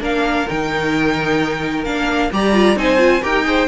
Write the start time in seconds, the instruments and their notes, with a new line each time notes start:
0.00 cello A#3, viola D4, violin A#4 F5
0.48 cello D#3, viola D#4, violin G5
1.84 cello A#3, viola D4, violin F5
2.31 cello G3, viola G4, violin D5 A#5
2.53 viola F4
2.76 cello C4, viola D#4, violin C5 G#5
2.98 viola F4
3.22 cello D#4, viola G4, violin A#4 G5
3.45 viola G#4, violin C5